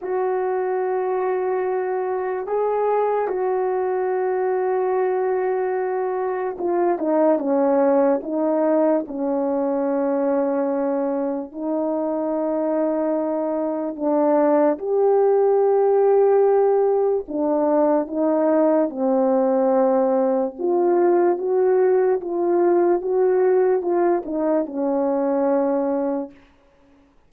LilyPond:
\new Staff \with { instrumentName = "horn" } { \time 4/4 \tempo 4 = 73 fis'2. gis'4 | fis'1 | f'8 dis'8 cis'4 dis'4 cis'4~ | cis'2 dis'2~ |
dis'4 d'4 g'2~ | g'4 d'4 dis'4 c'4~ | c'4 f'4 fis'4 f'4 | fis'4 f'8 dis'8 cis'2 | }